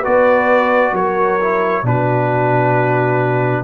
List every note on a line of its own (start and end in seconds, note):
0.00 1.40 F#4
0.00 0.91 B4
0.00 0.95 D5
0.06 0.93 B3
0.93 1.83 F#3
0.93 1.84 A#4
0.93 1.87 C#5
1.41 1.84 E4
1.83 3.64 B2
1.83 3.64 D4
1.83 3.64 F#4
1.83 3.64 B4